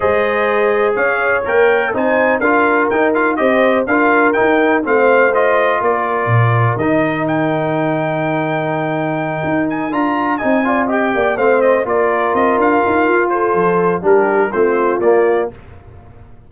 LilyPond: <<
  \new Staff \with { instrumentName = "trumpet" } { \time 4/4 \tempo 4 = 124 dis''2 f''4 g''4 | gis''4 f''4 g''8 f''8 dis''4 | f''4 g''4 f''4 dis''4 | d''2 dis''4 g''4~ |
g''1 | gis''8 ais''4 gis''4 g''4 f''8 | dis''8 d''4 dis''8 f''4. c''8~ | c''4 ais'4 c''4 d''4 | }
  \new Staff \with { instrumentName = "horn" } { \time 4/4 c''2 cis''2 | c''4 ais'2 c''4 | ais'2 c''2 | ais'1~ |
ais'1~ | ais'4. dis''8 d''8 dis''8 d''8 c''8~ | c''8 ais'2. a'8~ | a'4 g'4 f'2 | }
  \new Staff \with { instrumentName = "trombone" } { \time 4/4 gis'2. ais'4 | dis'4 f'4 dis'8 f'8 g'4 | f'4 dis'4 c'4 f'4~ | f'2 dis'2~ |
dis'1~ | dis'8 f'4 dis'8 f'8 g'4 c'8~ | c'8 f'2.~ f'8~ | f'4 d'4 c'4 ais4 | }
  \new Staff \with { instrumentName = "tuba" } { \time 4/4 gis2 cis'4 ais4 | c'4 d'4 dis'4 c'4 | d'4 dis'4 a2 | ais4 ais,4 dis2~ |
dis2.~ dis8 dis'8~ | dis'8 d'4 c'4. ais8 a8~ | a8 ais4 c'8 d'8 dis'8 f'4 | f4 g4 a4 ais4 | }
>>